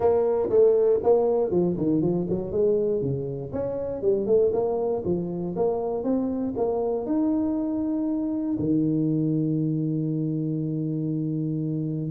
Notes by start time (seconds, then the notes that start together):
0.00 A#3
0.49 A3
1.03 A#3
1.51 F3
1.77 D#3
2.01 F3
2.29 F#3
2.51 G#3
3.01 C#3
3.52 C#4
4.01 G3
4.26 A3
4.52 A#3
5.04 F3
5.56 A#3
6.03 C4
6.56 A#3
7.06 D#4
8.58 D#3